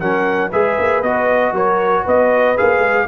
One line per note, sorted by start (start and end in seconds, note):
0.00 0.53 F#3
0.00 0.52 C#4
0.00 0.50 A#4
0.00 0.51 F#5
0.50 0.78 G#3
0.50 1.04 G#4
0.50 1.53 B4
0.50 1.03 E5
0.79 1.03 A#3
1.03 1.52 B3
1.03 2.57 F#4
1.03 1.54 D#5
1.52 2.04 F#3
1.52 2.04 A#4
1.52 2.07 C#5
2.04 2.58 B3
2.04 3.07 B4
2.04 2.58 D#5
2.57 2.79 A#3
2.57 3.08 G#4
2.57 3.08 F5
2.79 3.05 G#3